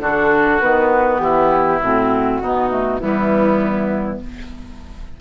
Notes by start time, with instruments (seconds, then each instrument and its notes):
0.00 bassoon D3, clarinet D4, oboe F#4, flute A4
0.61 bassoon D#3, clarinet B3, flute B4
1.20 bassoon E3, oboe E4, flute G4
1.82 bassoon A2, clarinet C4, flute F#4
2.41 bassoon B2, clarinet B3, oboe D#4
2.70 clarinet A3
3.00 bassoon E3, clarinet G3, oboe B3, flute E4